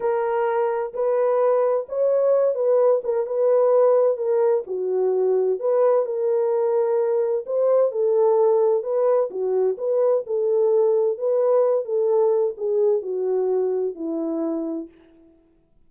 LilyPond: \new Staff \with { instrumentName = "horn" } { \time 4/4 \tempo 4 = 129 ais'2 b'2 | cis''4. b'4 ais'8 b'4~ | b'4 ais'4 fis'2 | b'4 ais'2. |
c''4 a'2 b'4 | fis'4 b'4 a'2 | b'4. a'4. gis'4 | fis'2 e'2 | }